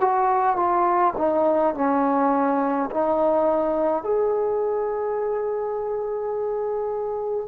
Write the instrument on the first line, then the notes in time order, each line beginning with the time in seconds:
trombone
0.00 F#4
0.56 F4
1.17 D#4
1.74 C#4
2.91 D#4
4.03 G#4